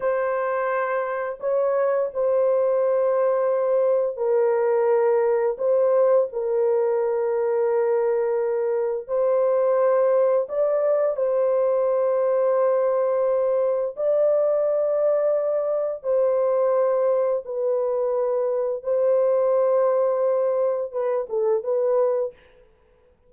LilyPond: \new Staff \with { instrumentName = "horn" } { \time 4/4 \tempo 4 = 86 c''2 cis''4 c''4~ | c''2 ais'2 | c''4 ais'2.~ | ais'4 c''2 d''4 |
c''1 | d''2. c''4~ | c''4 b'2 c''4~ | c''2 b'8 a'8 b'4 | }